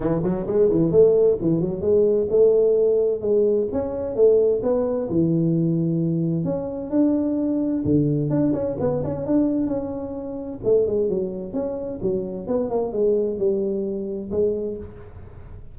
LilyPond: \new Staff \with { instrumentName = "tuba" } { \time 4/4 \tempo 4 = 130 e8 fis8 gis8 e8 a4 e8 fis8 | gis4 a2 gis4 | cis'4 a4 b4 e4~ | e2 cis'4 d'4~ |
d'4 d4 d'8 cis'8 b8 cis'8 | d'4 cis'2 a8 gis8 | fis4 cis'4 fis4 b8 ais8 | gis4 g2 gis4 | }